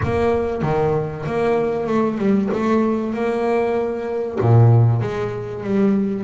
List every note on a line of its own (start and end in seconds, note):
0.03 0.62 A#3
0.62 1.24 D#3
1.26 1.86 A#3
1.86 2.18 A3
2.18 2.49 G3
2.53 3.13 A3
3.13 4.38 A#3
4.40 5.01 A#2
5.01 5.63 G#3
5.63 6.24 G3